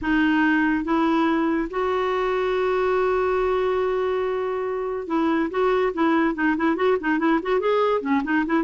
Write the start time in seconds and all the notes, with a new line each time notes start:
0.01 D#4
0.84 E4
1.70 F#4
5.07 E4
5.50 F#4
5.93 E4
6.35 D#4
6.56 E4
6.76 F#4
7.00 D#4
7.19 E4
7.42 F#4
7.60 G#4
8.01 C#4
8.24 D#4
8.46 E4